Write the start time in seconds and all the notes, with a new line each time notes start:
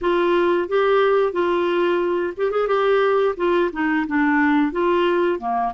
0.01 F4
0.68 G4
1.32 F4
2.36 G4
2.51 G#4
2.67 G4
3.36 F4
3.72 D#4
4.07 D4
4.72 F4
5.39 A#3